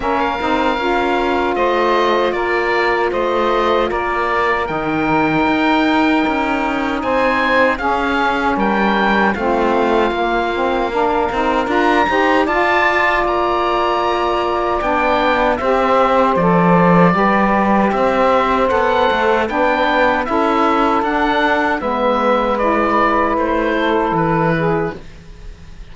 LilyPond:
<<
  \new Staff \with { instrumentName = "oboe" } { \time 4/4 \tempo 4 = 77 f''2 dis''4 d''4 | dis''4 d''4 g''2~ | g''4 gis''4 f''4 g''4 | f''2. ais''4 |
a''4 ais''2 g''4 | e''4 d''2 e''4 | fis''4 g''4 e''4 fis''4 | e''4 d''4 c''4 b'4 | }
  \new Staff \with { instrumentName = "saxophone" } { \time 4/4 ais'2 c''4 ais'4 | c''4 ais'2.~ | ais'4 c''4 gis'4 ais'4 | f'2 ais'4. c''8 |
d''1 | c''2 b'4 c''4~ | c''4 b'4 a'2 | b'2~ b'8 a'4 gis'8 | }
  \new Staff \with { instrumentName = "saxophone" } { \time 4/4 cis'8 dis'8 f'2.~ | f'2 dis'2~ | dis'2 cis'2 | c'4 ais8 c'8 d'8 dis'8 f'8 g'8 |
f'2. d'4 | g'4 a'4 g'2 | a'4 d'4 e'4 d'4 | b4 e'2. | }
  \new Staff \with { instrumentName = "cello" } { \time 4/4 ais8 c'8 cis'4 a4 ais4 | a4 ais4 dis4 dis'4 | cis'4 c'4 cis'4 g4 | a4 ais4. c'8 d'8 dis'8 |
f'4 ais2 b4 | c'4 f4 g4 c'4 | b8 a8 b4 cis'4 d'4 | gis2 a4 e4 | }
>>